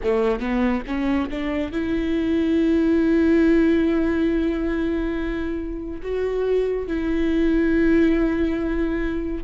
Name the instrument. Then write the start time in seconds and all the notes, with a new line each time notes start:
viola
0.03 A3
0.39 B3
0.86 C#4
1.30 D4
1.72 E4
6.02 F#4
6.87 E4